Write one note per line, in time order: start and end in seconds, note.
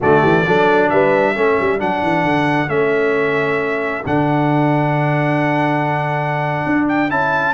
0.00 0.23 D3
0.00 0.45 A3
0.00 0.20 F#4
0.00 0.89 D5
0.20 0.45 E3
0.20 0.43 G4
0.46 0.91 F#3
0.46 1.35 D4
0.46 0.91 A4
0.89 1.36 G3
0.89 1.36 B4
0.89 1.80 E5
1.35 1.59 A3
1.35 1.78 C#4
1.35 7.53 A4
1.60 1.80 G3
1.78 2.02 F#3
1.78 2.68 D4
1.78 2.69 F#5
2.02 2.24 E3
2.24 2.68 D3
2.68 4.03 A3
2.68 4.03 C#4
2.68 4.04 E5
4.06 6.65 D3
4.06 7.09 D4
4.06 6.88 F#5
6.66 7.10 D4
6.88 7.10 G5
7.09 7.53 C#4
7.09 7.53 E4
7.09 7.53 A5